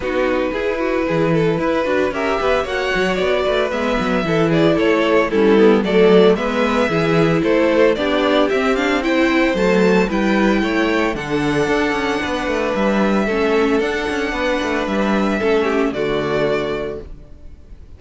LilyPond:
<<
  \new Staff \with { instrumentName = "violin" } { \time 4/4 \tempo 4 = 113 b'1 | e''4 fis''4 d''4 e''4~ | e''8 d''8 cis''4 a'4 d''4 | e''2 c''4 d''4 |
e''8 f''8 g''4 a''4 g''4~ | g''4 fis''2. | e''2 fis''2 | e''2 d''2 | }
  \new Staff \with { instrumentName = "violin" } { \time 4/4 fis'4 gis'8 fis'8 gis'8 a'8 b'4 | ais'8 b'8 cis''4. b'4. | a'8 gis'8 a'4 e'4 a'4 | b'4 gis'4 a'4 g'4~ |
g'4 c''2 b'4 | cis''4 a'2 b'4~ | b'4 a'2 b'4~ | b'4 a'8 g'8 fis'2 | }
  \new Staff \with { instrumentName = "viola" } { \time 4/4 dis'4 e'2~ e'8 fis'8 | g'4 fis'2 b4 | e'2 cis'8 b8 a4 | b4 e'2 d'4 |
c'8 d'8 e'4 a4 e'4~ | e'4 d'2.~ | d'4 cis'4 d'2~ | d'4 cis'4 a2 | }
  \new Staff \with { instrumentName = "cello" } { \time 4/4 b4 e'4 e4 e'8 d'8 | cis'8 b8 ais8 fis8 b8 a8 gis8 fis8 | e4 a4 g4 fis4 | gis4 e4 a4 b4 |
c'2 fis4 g4 | a4 d4 d'8 cis'8 b8 a8 | g4 a4 d'8 cis'8 b8 a8 | g4 a4 d2 | }
>>